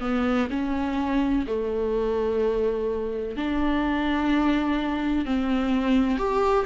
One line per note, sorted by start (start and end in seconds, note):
0.00 0.48 B3
0.50 1.45 C#4
1.46 3.36 A3
3.36 5.26 D4
5.26 6.18 C4
6.18 6.65 G4